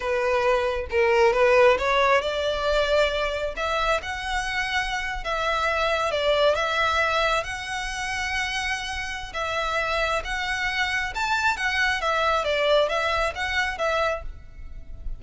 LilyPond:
\new Staff \with { instrumentName = "violin" } { \time 4/4 \tempo 4 = 135 b'2 ais'4 b'4 | cis''4 d''2. | e''4 fis''2~ fis''8. e''16~ | e''4.~ e''16 d''4 e''4~ e''16~ |
e''8. fis''2.~ fis''16~ | fis''4 e''2 fis''4~ | fis''4 a''4 fis''4 e''4 | d''4 e''4 fis''4 e''4 | }